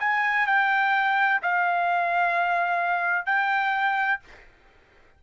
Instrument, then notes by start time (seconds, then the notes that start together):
trumpet
0.00 G#5
0.47 G5
1.43 F5
3.26 G5